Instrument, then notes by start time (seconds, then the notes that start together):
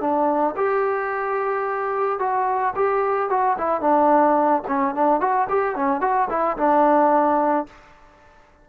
trombone
0.00 D4
0.56 G4
2.19 F#4
2.75 G4
3.29 F#4
3.58 E4
3.80 D4
4.68 C#4
4.95 D4
5.20 F#4
5.49 G4
5.75 C#4
6.01 F#4
6.30 E4
6.57 D4